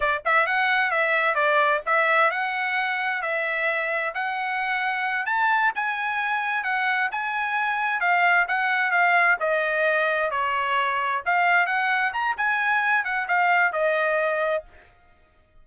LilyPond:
\new Staff \with { instrumentName = "trumpet" } { \time 4/4 \tempo 4 = 131 d''8 e''8 fis''4 e''4 d''4 | e''4 fis''2 e''4~ | e''4 fis''2~ fis''8 a''8~ | a''8 gis''2 fis''4 gis''8~ |
gis''4. f''4 fis''4 f''8~ | f''8 dis''2 cis''4.~ | cis''8 f''4 fis''4 ais''8 gis''4~ | gis''8 fis''8 f''4 dis''2 | }